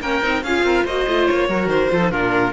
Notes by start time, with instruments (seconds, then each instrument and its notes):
0.00 cello A#3, viola C#4, oboe A#4, violin G5
0.22 cello C4, viola D#4
0.43 cello C#4, viola F4, oboe G#4, violin F5
0.63 cello C4, oboe A#4
0.85 cello A#3, viola F#4, oboe C5, violin D#5
1.08 cello A3, viola F4
1.26 cello A#3, violin C#5
1.49 cello F#3, viola F#4, oboe A#4
1.67 cello D#3, violin C5
1.90 cello F3, viola F4, oboe A4
2.00 viola D#4
2.11 cello A#2, viola D4, oboe F4, violin A#4